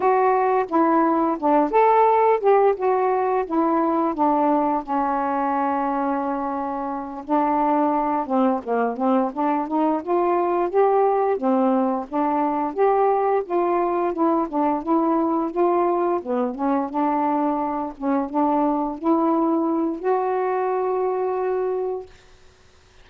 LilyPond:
\new Staff \with { instrumentName = "saxophone" } { \time 4/4 \tempo 4 = 87 fis'4 e'4 d'8 a'4 g'8 | fis'4 e'4 d'4 cis'4~ | cis'2~ cis'8 d'4. | c'8 ais8 c'8 d'8 dis'8 f'4 g'8~ |
g'8 c'4 d'4 g'4 f'8~ | f'8 e'8 d'8 e'4 f'4 b8 | cis'8 d'4. cis'8 d'4 e'8~ | e'4 fis'2. | }